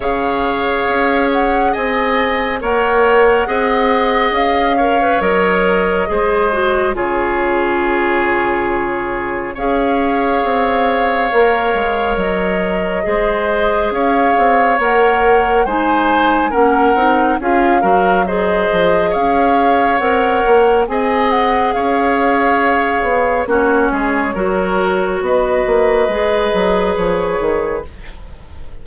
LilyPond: <<
  \new Staff \with { instrumentName = "flute" } { \time 4/4 \tempo 4 = 69 f''4. fis''8 gis''4 fis''4~ | fis''4 f''4 dis''2 | cis''2. f''4~ | f''2 dis''2 |
f''4 fis''4 gis''4 fis''4 | f''4 dis''4 f''4 fis''4 | gis''8 fis''8 f''2 cis''4~ | cis''4 dis''2 cis''4 | }
  \new Staff \with { instrumentName = "oboe" } { \time 4/4 cis''2 dis''4 cis''4 | dis''4. cis''4. c''4 | gis'2. cis''4~ | cis''2. c''4 |
cis''2 c''4 ais'4 | gis'8 ais'8 c''4 cis''2 | dis''4 cis''2 fis'8 gis'8 | ais'4 b'2. | }
  \new Staff \with { instrumentName = "clarinet" } { \time 4/4 gis'2. ais'4 | gis'4. ais'16 b'16 ais'4 gis'8 fis'8 | f'2. gis'4~ | gis'4 ais'2 gis'4~ |
gis'4 ais'4 dis'4 cis'8 dis'8 | f'8 fis'8 gis'2 ais'4 | gis'2. cis'4 | fis'2 gis'2 | }
  \new Staff \with { instrumentName = "bassoon" } { \time 4/4 cis4 cis'4 c'4 ais4 | c'4 cis'4 fis4 gis4 | cis2. cis'4 | c'4 ais8 gis8 fis4 gis4 |
cis'8 c'8 ais4 gis4 ais8 c'8 | cis'8 fis4 f8 cis'4 c'8 ais8 | c'4 cis'4. b8 ais8 gis8 | fis4 b8 ais8 gis8 fis8 f8 dis8 | }
>>